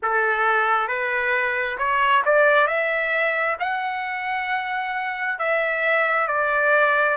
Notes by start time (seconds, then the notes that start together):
0.02 A4
0.88 B4
1.78 C#5
2.25 D5
2.67 E5
3.59 F#5
5.38 E5
6.27 D5